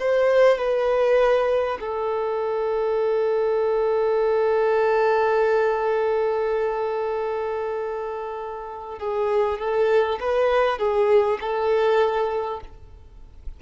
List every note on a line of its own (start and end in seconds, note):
0.00 0.58 C5
0.58 1.78 B4
1.81 8.99 A4
8.99 9.59 G#4
9.59 10.19 A4
10.21 10.79 B4
10.79 11.39 G#4
11.41 12.61 A4